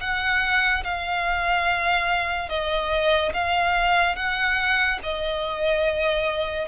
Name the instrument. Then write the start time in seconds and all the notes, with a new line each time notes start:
violin
0.00 F#5
0.84 F5
2.49 D#5
3.33 F5
4.16 F#5
5.03 D#5